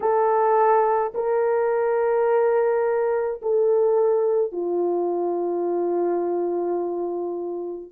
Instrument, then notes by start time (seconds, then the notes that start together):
horn
0.00 A4
1.14 A#4
3.42 A4
4.51 F4